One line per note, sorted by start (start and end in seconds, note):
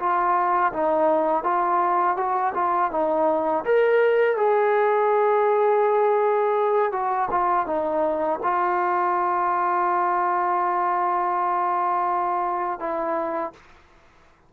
0.00 0.73 F4
0.73 1.44 D#4
1.44 2.17 F4
2.17 2.54 F#4
2.55 2.91 F4
2.92 3.65 D#4
3.65 4.37 A#4
4.37 6.92 G#4
6.92 7.29 F#4
7.31 7.67 F4
7.67 8.40 D#4
8.43 12.80 F4
12.80 13.53 E4